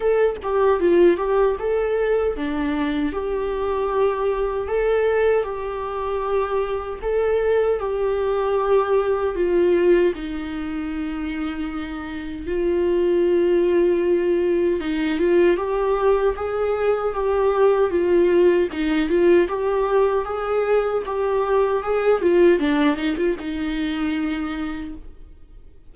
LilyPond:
\new Staff \with { instrumentName = "viola" } { \time 4/4 \tempo 4 = 77 a'8 g'8 f'8 g'8 a'4 d'4 | g'2 a'4 g'4~ | g'4 a'4 g'2 | f'4 dis'2. |
f'2. dis'8 f'8 | g'4 gis'4 g'4 f'4 | dis'8 f'8 g'4 gis'4 g'4 | gis'8 f'8 d'8 dis'16 f'16 dis'2 | }